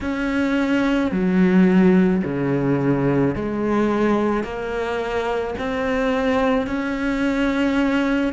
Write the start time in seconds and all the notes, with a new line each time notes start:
0.01 C#4
1.11 F#3
2.24 C#3
3.35 G#3
4.43 A#3
5.58 C4
6.66 C#4